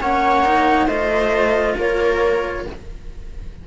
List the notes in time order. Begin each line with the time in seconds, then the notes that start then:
0.00 A#3 C#4 C#5 F#5
0.44 D#4
0.86 A3 F4 C5 D#5
1.77 A#3 A#4 C#5